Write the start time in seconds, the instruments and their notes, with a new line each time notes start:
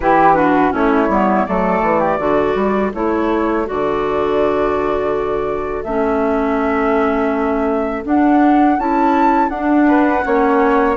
0.00 bassoon E3, clarinet E4, flute G4 B4
0.34 clarinet D4, flute F#4
0.70 bassoon A3, clarinet C#4, flute E4 C#5
1.09 bassoon G3, clarinet B3
1.45 bassoon F#3, clarinet A3, flute A4 D5
1.81 bassoon E3
2.00 flute G4
2.17 bassoon D3, clarinet F#4, flute A4
2.54 bassoon G3
2.94 bassoon A3, clarinet E4, flute C#5
3.65 bassoon D3, clarinet F#4, flute D5
5.83 bassoon A3, clarinet C#4, flute E5
8.04 clarinet D4, bassoon D4, flute F#5
8.78 bassoon C#4, clarinet E4, flute A5
9.49 bassoon D4, clarinet D4, flute F#5
9.87 flute B4
10.23 bassoon A#3, clarinet C#4, flute C#5